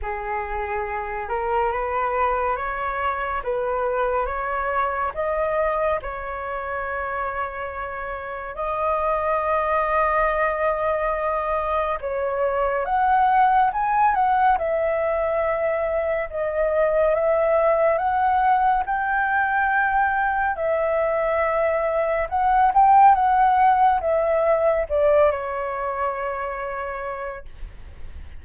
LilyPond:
\new Staff \with { instrumentName = "flute" } { \time 4/4 \tempo 4 = 70 gis'4. ais'8 b'4 cis''4 | b'4 cis''4 dis''4 cis''4~ | cis''2 dis''2~ | dis''2 cis''4 fis''4 |
gis''8 fis''8 e''2 dis''4 | e''4 fis''4 g''2 | e''2 fis''8 g''8 fis''4 | e''4 d''8 cis''2~ cis''8 | }